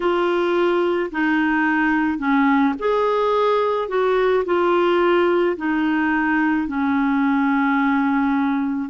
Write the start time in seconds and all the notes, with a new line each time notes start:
0.00 F4
1.11 D#4
2.18 C#4
2.79 G#4
3.88 F#4
4.45 F4
5.56 D#4
6.67 C#4